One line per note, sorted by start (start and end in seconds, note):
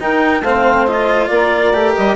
0.00 0.44 D#4
0.00 0.42 D#4
0.00 0.44 A#4
0.00 0.44 G5
0.42 1.29 A3
0.42 0.87 C4
0.42 1.30 C5
0.42 0.87 F5
0.87 1.74 F4
0.87 1.27 D#5
1.27 1.73 A#3
1.27 2.16 A#4
1.27 1.93 D5
1.73 1.95 A3
1.73 2.16 G4
1.95 2.16 G3
1.95 2.16 D#5